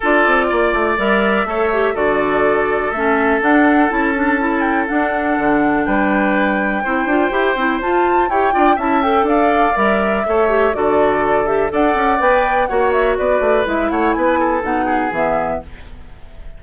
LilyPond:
<<
  \new Staff \with { instrumentName = "flute" } { \time 4/4 \tempo 4 = 123 d''2 e''2 | d''2 e''4 fis''4 | a''4. g''8 fis''2 | g''1 |
a''4 g''4 a''8 g''8 f''4 | e''2 d''4. e''8 | fis''4 g''4 fis''8 e''8 d''4 | e''8 fis''8 gis''4 fis''4 e''4 | }
  \new Staff \with { instrumentName = "oboe" } { \time 4/4 a'4 d''2 cis''4 | a'1~ | a'1 | b'2 c''2~ |
c''4 cis''8 d''8 e''4 d''4~ | d''4 cis''4 a'2 | d''2 cis''4 b'4~ | b'8 cis''8 b'8 a'4 gis'4. | }
  \new Staff \with { instrumentName = "clarinet" } { \time 4/4 f'2 ais'4 a'8 g'8 | fis'2 cis'4 d'4 | e'8 d'8 e'4 d'2~ | d'2 e'8 f'8 g'8 e'8 |
f'4 g'8 f'8 e'8 a'4. | ais'4 a'8 g'8 fis'4. g'8 | a'4 b'4 fis'2 | e'2 dis'4 b4 | }
  \new Staff \with { instrumentName = "bassoon" } { \time 4/4 d'8 c'8 ais8 a8 g4 a4 | d2 a4 d'4 | cis'2 d'4 d4 | g2 c'8 d'8 e'8 c'8 |
f'4 e'8 d'8 cis'4 d'4 | g4 a4 d2 | d'8 cis'8 b4 ais4 b8 a8 | gis8 a8 b4 b,4 e4 | }
>>